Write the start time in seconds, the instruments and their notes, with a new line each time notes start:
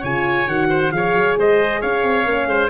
0.00 tuba C#3, horn F4, oboe C#5, trumpet G#5
0.47 tuba D#3, horn F#4, trumpet F#5
0.69 oboe C5
0.92 tuba F3, horn G#4, oboe C#5, trumpet F5
1.14 tuba F#3
1.38 tuba G#3, oboe C5, trumpet D#5
1.81 tuba C#4, oboe C#5, trumpet F5
2.03 tuba C4
2.25 tuba A#3, horn C#4
2.46 tuba G#3, oboe C5